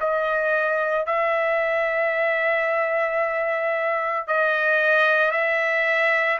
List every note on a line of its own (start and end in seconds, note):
0.00 1.06 D#5
1.06 4.27 E5
4.27 5.31 D#5
5.31 6.38 E5